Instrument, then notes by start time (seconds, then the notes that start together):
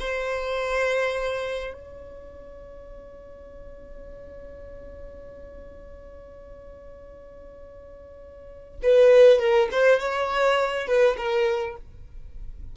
violin
0.00 C5
1.74 C#5
8.83 B4
9.40 A#4
9.72 C5
10.00 C#5
10.87 B4
11.18 A#4